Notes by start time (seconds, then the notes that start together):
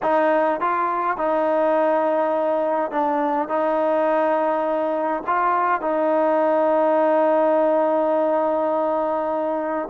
0.02 D#4
0.60 F4
1.17 D#4
2.91 D4
3.48 D#4
5.26 F4
5.81 D#4